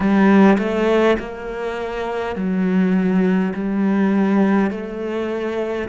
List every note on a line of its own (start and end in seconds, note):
0.00 0.57 G3
0.58 1.17 A3
1.19 2.35 A#3
2.35 3.53 F#3
3.53 4.71 G3
4.71 5.88 A3